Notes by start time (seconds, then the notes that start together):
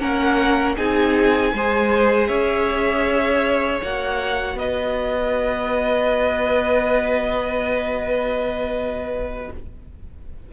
0.00 A#3 C#4 A#4 F#5
0.77 C4 D#4 G#4 G#5
1.53 G#3 G#4 C5
2.28 C#4 C#5 E5
3.82 A#3 F#4 F#5
4.55 B3 B4 D#5